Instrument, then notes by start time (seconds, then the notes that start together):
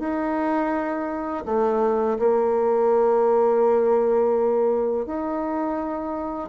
bassoon
0.00 D#4
1.46 A3
2.19 A#3
5.06 D#4